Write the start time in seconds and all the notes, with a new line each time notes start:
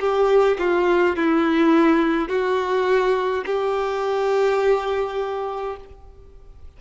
0.00 G4
0.59 F4
1.16 E4
2.29 F#4
3.46 G4